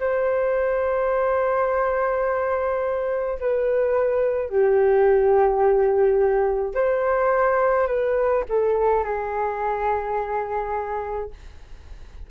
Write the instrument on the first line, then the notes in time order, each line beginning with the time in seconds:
flute
0.00 C5
3.40 B4
4.50 G4
6.75 C5
7.88 B4
8.49 A4
9.04 G#4